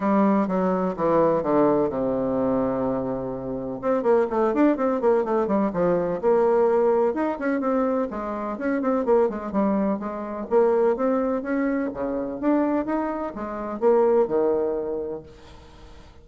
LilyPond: \new Staff \with { instrumentName = "bassoon" } { \time 4/4 \tempo 4 = 126 g4 fis4 e4 d4 | c1 | c'8 ais8 a8 d'8 c'8 ais8 a8 g8 | f4 ais2 dis'8 cis'8 |
c'4 gis4 cis'8 c'8 ais8 gis8 | g4 gis4 ais4 c'4 | cis'4 cis4 d'4 dis'4 | gis4 ais4 dis2 | }